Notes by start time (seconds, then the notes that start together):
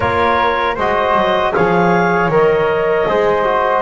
0.00 A#3 F4 A#4 C#5
0.74 G#3 F#4 C5 D#5
1.15 F#3
1.53 F3 G#4 C#5 F5
2.28 D#3 A#4 D#5
3.07 G#3 G#4 C5
3.44 F#4